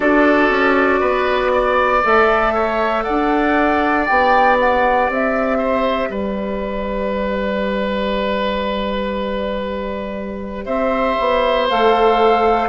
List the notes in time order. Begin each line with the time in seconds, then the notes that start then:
0.00 D4 F#4 A4 D5
0.49 C#4
1.00 B3 B4
1.53 D5
2.03 A3 A4 E5
2.54 C#5
3.03 D4 D5 F#5
4.06 B3 G4 G5
4.59 F#5
5.08 C4 E5
5.58 C5
6.08 G3 B4 D5
10.65 C4 C5 E5
11.19 B3
11.69 A3 A4 F5